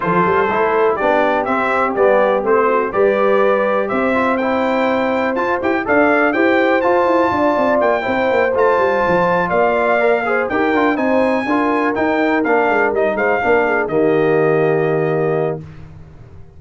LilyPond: <<
  \new Staff \with { instrumentName = "trumpet" } { \time 4/4 \tempo 4 = 123 c''2 d''4 e''4 | d''4 c''4 d''2 | e''4 g''2 a''8 g''8 | f''4 g''4 a''2 |
g''4. a''2 f''8~ | f''4. g''4 gis''4.~ | gis''8 g''4 f''4 dis''8 f''4~ | f''8 dis''2.~ dis''8 | }
  \new Staff \with { instrumentName = "horn" } { \time 4/4 a'2 g'2~ | g'4. fis'8 b'2 | c''1 | d''4 c''2 d''4~ |
d''8 c''2. d''8~ | d''4 c''8 ais'4 c''4 ais'8~ | ais'2. c''8 ais'8 | gis'8 g'2.~ g'8 | }
  \new Staff \with { instrumentName = "trombone" } { \time 4/4 f'4 e'4 d'4 c'4 | b4 c'4 g'2~ | g'8 f'8 e'2 f'8 g'8 | a'4 g'4 f'2~ |
f'8 e'4 f'2~ f'8~ | f'8 ais'8 gis'8 g'8 f'8 dis'4 f'8~ | f'8 dis'4 d'4 dis'4 d'8~ | d'8 ais2.~ ais8 | }
  \new Staff \with { instrumentName = "tuba" } { \time 4/4 f8 g8 a4 b4 c'4 | g4 a4 g2 | c'2. f'8 e'8 | d'4 e'4 f'8 e'8 d'8 c'8 |
ais8 c'8 ais8 a8 g8 f4 ais8~ | ais4. dis'8 d'8 c'4 d'8~ | d'8 dis'4 ais8 gis8 g8 gis8 ais8~ | ais8 dis2.~ dis8 | }
>>